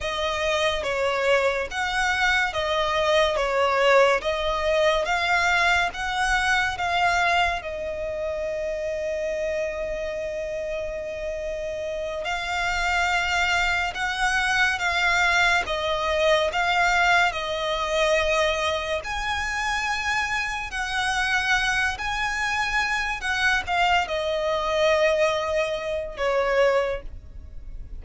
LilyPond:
\new Staff \with { instrumentName = "violin" } { \time 4/4 \tempo 4 = 71 dis''4 cis''4 fis''4 dis''4 | cis''4 dis''4 f''4 fis''4 | f''4 dis''2.~ | dis''2~ dis''8 f''4.~ |
f''8 fis''4 f''4 dis''4 f''8~ | f''8 dis''2 gis''4.~ | gis''8 fis''4. gis''4. fis''8 | f''8 dis''2~ dis''8 cis''4 | }